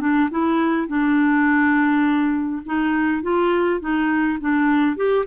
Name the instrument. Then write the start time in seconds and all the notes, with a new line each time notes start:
clarinet
0.00 D4
0.30 E4
0.88 D4
2.66 D#4
3.23 F4
3.80 D#4
4.41 D4
4.96 G4